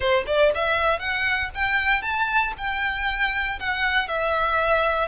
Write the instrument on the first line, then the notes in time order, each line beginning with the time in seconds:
violin
0.00 C5
0.27 D5
0.54 E5
0.99 F#5
1.54 G5
2.02 A5
2.57 G5
3.59 F#5
4.07 E5